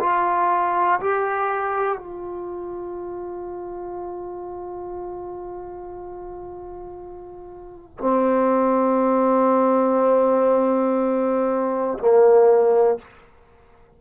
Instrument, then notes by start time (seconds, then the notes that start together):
trombone
0.00 F4
1.00 G4
1.98 F4
7.98 C4
11.99 A#3